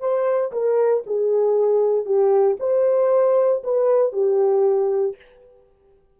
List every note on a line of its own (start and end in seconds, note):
0.00 0.52 C5
0.52 1.03 A#4
1.06 2.05 G#4
2.05 2.57 G4
2.60 3.63 C5
3.63 4.12 B4
4.12 5.16 G4